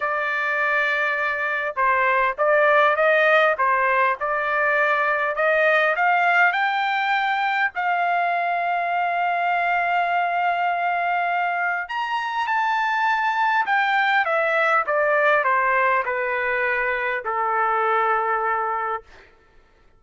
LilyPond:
\new Staff \with { instrumentName = "trumpet" } { \time 4/4 \tempo 4 = 101 d''2. c''4 | d''4 dis''4 c''4 d''4~ | d''4 dis''4 f''4 g''4~ | g''4 f''2.~ |
f''1 | ais''4 a''2 g''4 | e''4 d''4 c''4 b'4~ | b'4 a'2. | }